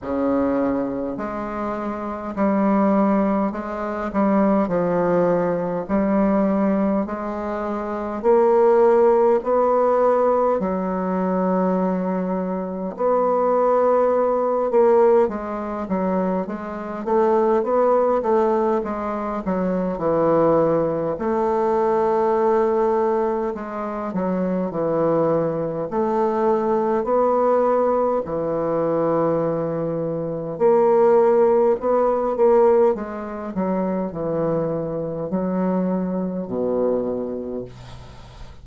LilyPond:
\new Staff \with { instrumentName = "bassoon" } { \time 4/4 \tempo 4 = 51 cis4 gis4 g4 gis8 g8 | f4 g4 gis4 ais4 | b4 fis2 b4~ | b8 ais8 gis8 fis8 gis8 a8 b8 a8 |
gis8 fis8 e4 a2 | gis8 fis8 e4 a4 b4 | e2 ais4 b8 ais8 | gis8 fis8 e4 fis4 b,4 | }